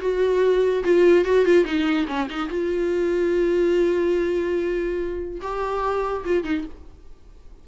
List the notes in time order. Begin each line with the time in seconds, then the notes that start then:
0.00 F#4
0.84 F4
1.25 F#4
1.45 F4
1.65 D#4
2.07 C#4
2.30 D#4
2.49 F4
5.41 G4
6.25 F4
6.44 D#4